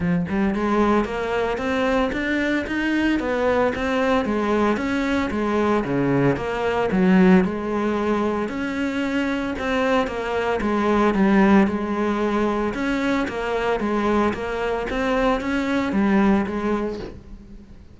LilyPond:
\new Staff \with { instrumentName = "cello" } { \time 4/4 \tempo 4 = 113 f8 g8 gis4 ais4 c'4 | d'4 dis'4 b4 c'4 | gis4 cis'4 gis4 cis4 | ais4 fis4 gis2 |
cis'2 c'4 ais4 | gis4 g4 gis2 | cis'4 ais4 gis4 ais4 | c'4 cis'4 g4 gis4 | }